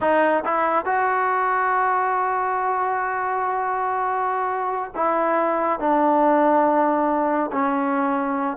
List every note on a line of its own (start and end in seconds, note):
0.00 0.43 D#4
0.44 0.85 E4
0.85 4.92 F#4
4.95 5.79 E4
5.79 7.51 D4
7.52 8.57 C#4